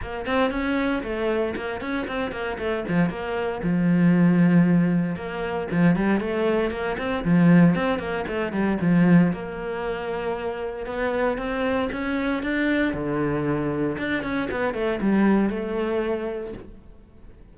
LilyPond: \new Staff \with { instrumentName = "cello" } { \time 4/4 \tempo 4 = 116 ais8 c'8 cis'4 a4 ais8 cis'8 | c'8 ais8 a8 f8 ais4 f4~ | f2 ais4 f8 g8 | a4 ais8 c'8 f4 c'8 ais8 |
a8 g8 f4 ais2~ | ais4 b4 c'4 cis'4 | d'4 d2 d'8 cis'8 | b8 a8 g4 a2 | }